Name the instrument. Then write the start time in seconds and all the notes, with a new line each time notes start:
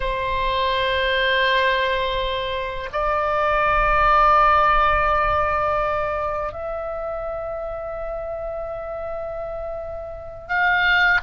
oboe
0.00 C5
2.92 D5
6.52 E5
10.48 F5